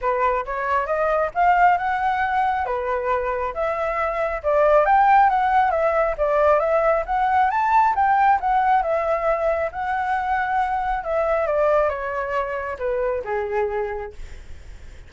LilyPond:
\new Staff \with { instrumentName = "flute" } { \time 4/4 \tempo 4 = 136 b'4 cis''4 dis''4 f''4 | fis''2 b'2 | e''2 d''4 g''4 | fis''4 e''4 d''4 e''4 |
fis''4 a''4 g''4 fis''4 | e''2 fis''2~ | fis''4 e''4 d''4 cis''4~ | cis''4 b'4 gis'2 | }